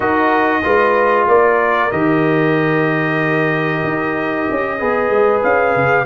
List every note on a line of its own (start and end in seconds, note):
0.00 0.62 D#4
0.00 0.62 F#4
0.00 0.62 A#4
0.00 1.28 D#5
0.63 1.27 G#3
0.63 1.90 F4
0.63 1.28 B4
1.27 1.91 A#3
1.27 4.78 A#4
1.27 1.91 D5
1.91 3.83 D#3
1.91 4.78 G4
1.91 5.42 D#5
3.83 4.47 D#4
4.50 4.81 C#4
4.78 5.10 B3
4.78 6.05 G#4
4.78 6.05 B4
5.10 5.42 G#3
5.43 5.75 C#4
5.43 6.05 F5
5.75 6.05 C#3